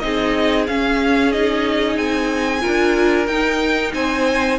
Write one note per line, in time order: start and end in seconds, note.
0.00 0.68 C4
0.00 0.67 D#4
0.00 2.62 G#4
0.00 0.65 D#5
0.67 1.33 C#4
0.67 1.97 C#4
0.67 1.32 F5
1.32 2.61 D#4
1.32 1.97 D#5
1.97 2.62 C4
1.97 3.27 G#5
2.61 3.26 F4
2.61 3.93 A#4
2.67 3.28 D4
3.27 3.93 D#4
3.27 4.59 D#4
3.27 3.93 G5
3.94 4.59 C4
3.94 4.59 C5
3.94 4.59 G#5